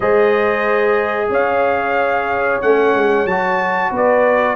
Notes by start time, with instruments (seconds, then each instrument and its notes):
0.00 tuba G#3, trombone G#4, horn C5, trumpet D#5
1.29 tuba C#4, horn C#5, trumpet F5
2.61 tuba A3, trombone C#4, trumpet F#5
2.93 tuba G#3
3.25 tuba F#3, trombone F#4, trumpet A5
3.90 tuba B3, horn B4, trumpet D5